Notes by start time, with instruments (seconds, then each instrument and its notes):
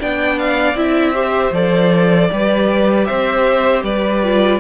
0.00 cello B3, viola D4, violin D5 G5
0.39 violin F5
0.74 cello C4, viola E4, violin E5
1.14 viola G4, violin C5
1.52 cello F3, viola A4, violin D5
2.32 cello G3, viola G4, violin B4
3.05 cello C4, violin C5 E5
3.83 cello G3, violin B4 D5
4.24 viola F4